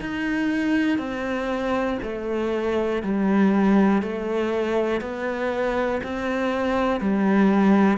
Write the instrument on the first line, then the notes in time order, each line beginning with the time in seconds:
cello
0.00 D#4
0.98 C4
2.03 A3
3.02 G3
4.02 A3
5.01 B3
6.03 C4
7.00 G3